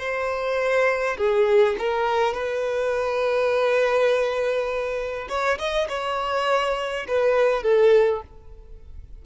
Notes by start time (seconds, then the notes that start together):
0.00 C5
1.18 G#4
1.79 A#4
2.34 B4
5.29 C#5
5.59 D#5
5.89 C#5
7.08 B4
7.63 A4